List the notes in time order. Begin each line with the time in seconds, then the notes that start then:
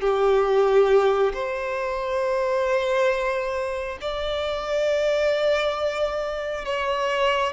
0.00 G4
1.33 C5
4.01 D5
6.65 C#5